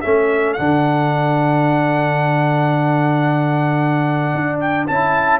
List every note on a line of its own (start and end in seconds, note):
0.00 0.58 A3
0.00 0.57 C#4
0.00 5.39 A4
0.00 0.53 E5
0.53 4.34 D3
0.53 4.90 D4
0.53 4.58 F#5
4.34 4.88 D4
4.59 4.86 G5
4.87 5.39 C#4
4.87 5.39 E4
4.87 5.39 A5